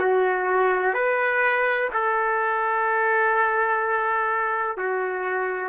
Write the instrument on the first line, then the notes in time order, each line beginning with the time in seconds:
trumpet
0.00 F#4
0.94 B4
1.94 A4
4.78 F#4